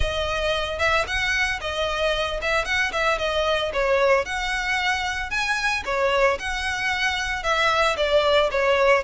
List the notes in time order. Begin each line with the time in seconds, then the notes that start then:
0.00 D#5
0.78 E5
1.07 F#5
1.60 D#5
2.41 E5
2.65 F#5
2.92 E5
3.18 D#5
3.73 C#5
4.25 F#5
5.30 G#5
5.85 C#5
6.39 F#5
7.43 E5
7.96 D5
8.51 C#5